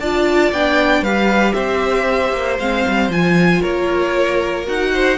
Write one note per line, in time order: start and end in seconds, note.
0.00 0.52 D4
0.00 0.54 F4
0.00 1.02 D5
0.00 0.52 A5
0.52 1.01 B3
0.52 1.05 D4
0.52 1.04 G5
1.01 1.53 G3
1.01 2.60 G4
1.01 1.54 B4
1.01 1.53 F5
1.53 2.33 C4
1.53 3.61 C5
1.53 2.56 E5
2.33 2.58 A#3
2.59 2.85 G#3
2.59 3.11 C4
2.59 3.11 F5
2.87 3.09 G3
3.09 3.61 F3
3.09 4.65 F4
3.09 3.62 G#5
3.61 4.68 A#3
3.61 4.90 A#4
3.61 4.66 C#5
4.65 5.17 D#4
4.65 5.17 F#4
4.65 5.17 F#5
4.94 5.17 C5